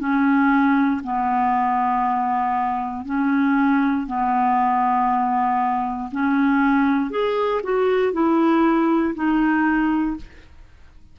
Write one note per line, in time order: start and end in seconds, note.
0.00 1.02 C#4
1.04 3.06 B3
3.06 4.07 C#4
4.07 6.10 B3
6.12 7.11 C#4
7.11 7.62 G#4
7.64 8.13 F#4
8.13 9.15 E4
9.15 10.17 D#4